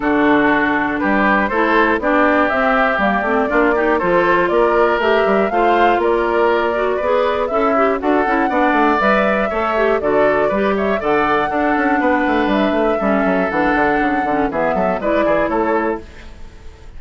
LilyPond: <<
  \new Staff \with { instrumentName = "flute" } { \time 4/4 \tempo 4 = 120 a'2 b'4 c''4 | d''4 e''4 d''2 | c''4 d''4 e''4 f''4 | d''2. e''4 |
fis''2 e''2 | d''4. e''8 fis''2~ | fis''4 e''2 fis''4~ | fis''4 e''4 d''4 cis''4 | }
  \new Staff \with { instrumentName = "oboe" } { \time 4/4 fis'2 g'4 a'4 | g'2. f'8 g'8 | a'4 ais'2 c''4 | ais'2 b'4 e'4 |
a'4 d''2 cis''4 | a'4 b'8 cis''8 d''4 a'4 | b'2 a'2~ | a'4 gis'8 a'8 b'8 gis'8 a'4 | }
  \new Staff \with { instrumentName = "clarinet" } { \time 4/4 d'2. e'4 | d'4 c'4 ais8 c'8 d'8 dis'8 | f'2 g'4 f'4~ | f'4. fis'8 gis'4 a'8 g'8 |
fis'8 e'8 d'4 b'4 a'8 g'8 | fis'4 g'4 a'4 d'4~ | d'2 cis'4 d'4~ | d'8 cis'8 b4 e'2 | }
  \new Staff \with { instrumentName = "bassoon" } { \time 4/4 d2 g4 a4 | b4 c'4 g8 a8 ais4 | f4 ais4 a8 g8 a4 | ais2 b4 cis'4 |
d'8 cis'8 b8 a8 g4 a4 | d4 g4 d4 d'8 cis'8 | b8 a8 g8 a8 g8 fis8 e8 d8 | cis8 d8 e8 fis8 gis8 e8 a4 | }
>>